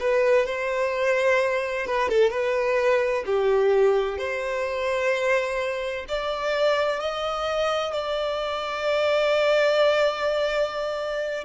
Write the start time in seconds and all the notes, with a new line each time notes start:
0.00 B4
0.46 C5
1.86 B4
2.09 A4
2.30 B4
3.26 G4
4.18 C5
6.08 D5
7.00 D#5
7.93 D5